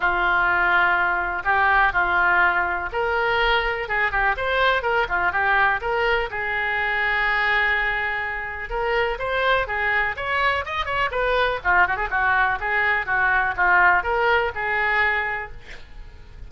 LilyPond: \new Staff \with { instrumentName = "oboe" } { \time 4/4 \tempo 4 = 124 f'2. g'4 | f'2 ais'2 | gis'8 g'8 c''4 ais'8 f'8 g'4 | ais'4 gis'2.~ |
gis'2 ais'4 c''4 | gis'4 cis''4 dis''8 cis''8 b'4 | f'8 fis'16 gis'16 fis'4 gis'4 fis'4 | f'4 ais'4 gis'2 | }